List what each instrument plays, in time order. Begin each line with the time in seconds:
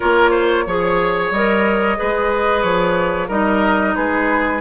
0.00 bassoon A#3, clarinet F4, oboe A#4, flute C#5
0.30 oboe C5
0.66 bassoon F3, clarinet G#4, oboe C#5
1.30 bassoon G3, clarinet A#4, flute D#5
1.96 bassoon G#3, clarinet G#4, oboe B4
2.62 bassoon F3, flute C#5
3.28 bassoon G3, clarinet D#4, oboe A#4, flute D#5
3.95 bassoon G#3, oboe G#4, flute B4